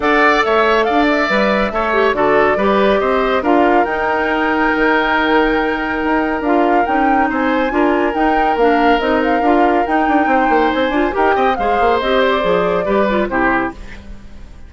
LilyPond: <<
  \new Staff \with { instrumentName = "flute" } { \time 4/4 \tempo 4 = 140 fis''4 e''4 f''8 e''4.~ | e''4 d''2 dis''4 | f''4 g''2.~ | g''2. f''4 |
g''4 gis''2 g''4 | f''4 dis''8 f''4. g''4~ | g''4 gis''4 g''4 f''4 | dis''8 d''2~ d''8 c''4 | }
  \new Staff \with { instrumentName = "oboe" } { \time 4/4 d''4 cis''4 d''2 | cis''4 a'4 b'4 c''4 | ais'1~ | ais'1~ |
ais'4 c''4 ais'2~ | ais'1 | c''2 ais'8 dis''8 c''4~ | c''2 b'4 g'4 | }
  \new Staff \with { instrumentName = "clarinet" } { \time 4/4 a'2. b'4 | a'8 g'8 fis'4 g'2 | f'4 dis'2.~ | dis'2. f'4 |
dis'2 f'4 dis'4 | d'4 dis'4 f'4 dis'4~ | dis'4. f'8 g'4 gis'4 | g'4 gis'4 g'8 f'8 e'4 | }
  \new Staff \with { instrumentName = "bassoon" } { \time 4/4 d'4 a4 d'4 g4 | a4 d4 g4 c'4 | d'4 dis'2 dis4~ | dis2 dis'4 d'4 |
cis'4 c'4 d'4 dis'4 | ais4 c'4 d'4 dis'8 d'8 | c'8 ais8 c'8 d'8 dis'8 c'8 gis8 ais8 | c'4 f4 g4 c4 | }
>>